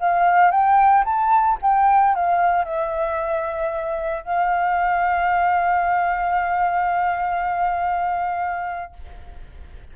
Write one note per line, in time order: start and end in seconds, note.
0.00 0.51 F5
0.51 1.04 G5
1.05 1.58 A5
1.62 2.15 G5
2.15 2.65 F5
2.65 4.24 E5
4.24 8.93 F5